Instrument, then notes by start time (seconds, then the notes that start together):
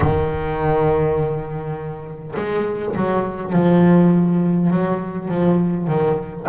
double bass
0.00 D#3
2.36 G#3
2.95 F#3
3.52 F3
4.70 F#3
5.28 F3
5.87 D#3